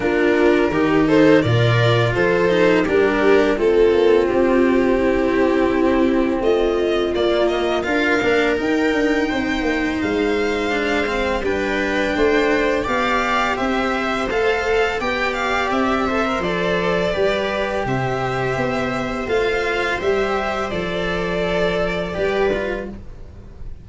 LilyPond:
<<
  \new Staff \with { instrumentName = "violin" } { \time 4/4 \tempo 4 = 84 ais'4. c''8 d''4 c''4 | ais'4 a'4 g'2~ | g'4 dis''4 d''8 dis''8 f''4 | g''2 f''2 |
g''2 f''4 e''4 | f''4 g''8 f''8 e''4 d''4~ | d''4 e''2 f''4 | e''4 d''2. | }
  \new Staff \with { instrumentName = "viola" } { \time 4/4 f'4 g'8 a'8 ais'4 a'4 | g'4 f'2 e'4~ | e'4 f'2 ais'4~ | ais'4 c''2. |
b'4 c''4 d''4 c''4~ | c''4 d''4. c''4. | b'4 c''2.~ | c''2. b'4 | }
  \new Staff \with { instrumentName = "cello" } { \time 4/4 d'4 dis'4 f'4. dis'8 | d'4 c'2.~ | c'2 ais4 f'8 d'8 | dis'2. d'8 c'8 |
d'2 g'2 | a'4 g'4. a'16 ais'16 a'4 | g'2. f'4 | g'4 a'2 g'8 f'8 | }
  \new Staff \with { instrumentName = "tuba" } { \time 4/4 ais4 dis4 ais,4 f4 | g4 a8 ais8 c'2~ | c'4 a4 ais4 d'8 ais8 | dis'8 d'8 c'8 ais8 gis2 |
g4 a4 b4 c'4 | a4 b4 c'4 f4 | g4 c4 b4 a4 | g4 f2 g4 | }
>>